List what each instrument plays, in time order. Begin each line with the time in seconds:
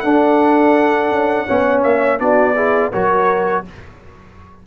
0.00 tuba D4, trombone D4, horn A4, trumpet F#5
1.11 tuba C#4
1.46 tuba B3, trombone C#4, horn C#5
1.83 tuba A#3, trumpet E5
2.19 tuba B3, trombone D4, horn F#4, trumpet D5
2.55 trombone E4, horn G#4
2.92 tuba F#3, trombone F#4, horn A#4, trumpet C#5